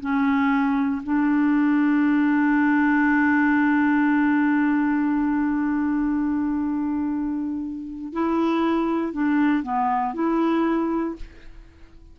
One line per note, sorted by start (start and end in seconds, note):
0.00 1.02 C#4
1.03 8.13 D4
8.13 9.12 E4
9.12 9.63 D4
9.63 10.14 B3
10.14 11.16 E4